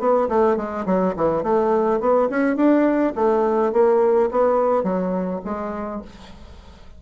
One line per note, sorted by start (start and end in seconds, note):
0.00 0.29 B3
0.29 0.57 A3
0.57 0.86 G#3
0.86 1.15 F#3
1.17 1.44 E3
1.44 2.01 A3
2.01 2.29 B3
2.30 2.57 C#4
2.57 3.14 D4
3.16 3.73 A3
3.73 4.30 A#3
4.31 4.84 B3
4.84 5.41 F#3
5.45 6.02 G#3